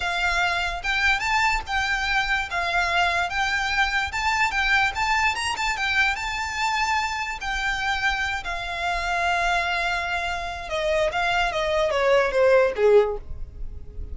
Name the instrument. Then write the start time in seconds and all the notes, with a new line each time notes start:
violin
0.00 F5
0.83 G5
1.19 A5
1.66 G5
2.50 F5
3.29 G5
4.12 A5
4.51 G5
4.95 A5
5.35 A#5
5.56 A5
5.76 G5
6.15 A5
7.40 G5
8.44 F5
10.69 D#5
11.12 F5
11.52 D#5
11.90 C#5
12.31 C5
12.75 G#4